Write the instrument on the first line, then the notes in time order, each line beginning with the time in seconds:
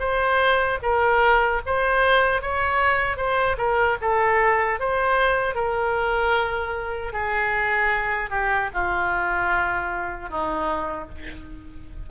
oboe
0.00 C5
0.83 A#4
1.67 C5
2.42 C#5
3.18 C5
3.58 A#4
4.02 A4
4.80 C5
5.56 A#4
7.13 G#4
8.31 G4
8.74 F4
10.30 D#4